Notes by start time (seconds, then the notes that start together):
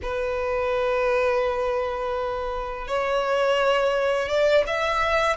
0.02 B4
2.87 C#5
4.28 D5
4.66 E5